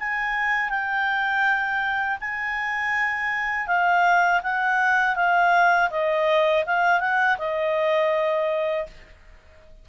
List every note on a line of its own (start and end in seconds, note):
0.00 0.70 G#5
0.70 2.18 G5
2.20 3.67 G#5
3.67 4.41 F5
4.43 5.15 F#5
5.15 5.90 F5
5.91 6.65 D#5
6.66 7.00 F5
7.00 7.37 F#5
7.38 8.87 D#5